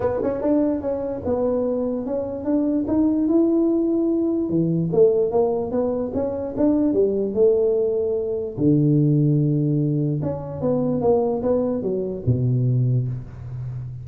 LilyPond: \new Staff \with { instrumentName = "tuba" } { \time 4/4 \tempo 4 = 147 b8 cis'8 d'4 cis'4 b4~ | b4 cis'4 d'4 dis'4 | e'2. e4 | a4 ais4 b4 cis'4 |
d'4 g4 a2~ | a4 d2.~ | d4 cis'4 b4 ais4 | b4 fis4 b,2 | }